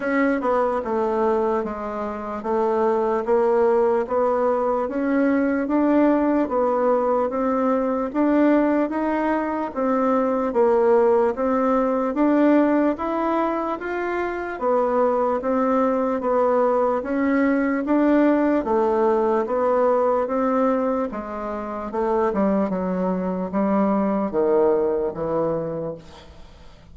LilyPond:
\new Staff \with { instrumentName = "bassoon" } { \time 4/4 \tempo 4 = 74 cis'8 b8 a4 gis4 a4 | ais4 b4 cis'4 d'4 | b4 c'4 d'4 dis'4 | c'4 ais4 c'4 d'4 |
e'4 f'4 b4 c'4 | b4 cis'4 d'4 a4 | b4 c'4 gis4 a8 g8 | fis4 g4 dis4 e4 | }